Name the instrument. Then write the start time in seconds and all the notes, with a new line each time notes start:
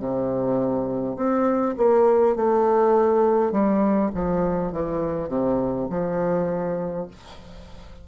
bassoon
0.00 C3
1.17 C4
1.77 A#3
2.36 A3
3.52 G3
4.15 F3
4.72 E3
5.29 C3
5.90 F3